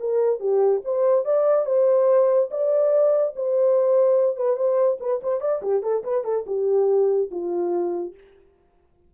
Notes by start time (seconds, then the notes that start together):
0.00 A#4
0.40 G4
0.84 C5
1.25 D5
1.66 C5
2.51 D5
3.36 C5
4.37 B4
4.57 C5
5.00 B4
5.23 C5
5.41 D5
5.62 G4
5.83 A4
6.04 B4
6.24 A4
6.47 G4
7.31 F4